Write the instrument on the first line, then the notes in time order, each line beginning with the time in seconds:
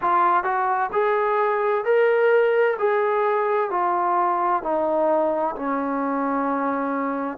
trombone
0.01 F4
0.43 F#4
0.92 G#4
1.85 A#4
2.78 G#4
3.70 F4
4.62 D#4
5.56 C#4